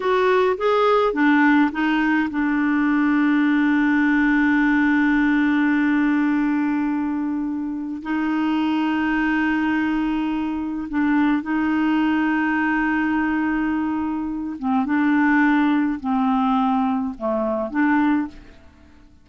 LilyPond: \new Staff \with { instrumentName = "clarinet" } { \time 4/4 \tempo 4 = 105 fis'4 gis'4 d'4 dis'4 | d'1~ | d'1~ | d'2 dis'2~ |
dis'2. d'4 | dis'1~ | dis'4. c'8 d'2 | c'2 a4 d'4 | }